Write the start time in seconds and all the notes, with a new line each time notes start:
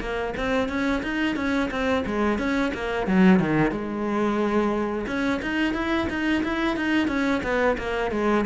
0.00 A#3
0.36 C4
0.69 C#4
1.03 D#4
1.36 C#4
1.71 C4
2.06 G#3
2.38 C#4
2.74 A#3
3.06 F#3
3.40 D#3
3.71 G#3
5.07 C#4
5.42 D#4
5.74 E4
6.09 D#4
6.43 E4
6.76 D#4
7.08 C#4
7.43 B3
7.78 A#3
8.11 G#3